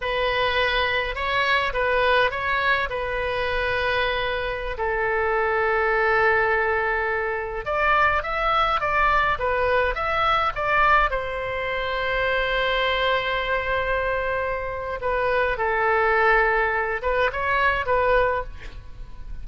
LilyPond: \new Staff \with { instrumentName = "oboe" } { \time 4/4 \tempo 4 = 104 b'2 cis''4 b'4 | cis''4 b'2.~ | b'16 a'2.~ a'8.~ | a'4~ a'16 d''4 e''4 d''8.~ |
d''16 b'4 e''4 d''4 c''8.~ | c''1~ | c''2 b'4 a'4~ | a'4. b'8 cis''4 b'4 | }